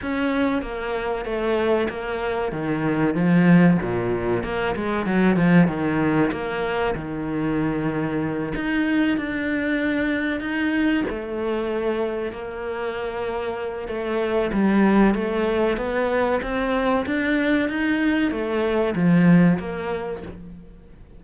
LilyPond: \new Staff \with { instrumentName = "cello" } { \time 4/4 \tempo 4 = 95 cis'4 ais4 a4 ais4 | dis4 f4 ais,4 ais8 gis8 | fis8 f8 dis4 ais4 dis4~ | dis4. dis'4 d'4.~ |
d'8 dis'4 a2 ais8~ | ais2 a4 g4 | a4 b4 c'4 d'4 | dis'4 a4 f4 ais4 | }